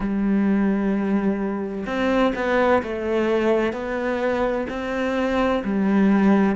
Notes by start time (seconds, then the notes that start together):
0.00 G3
1.86 C4
2.35 B3
2.83 A3
3.72 B3
4.69 C4
5.63 G3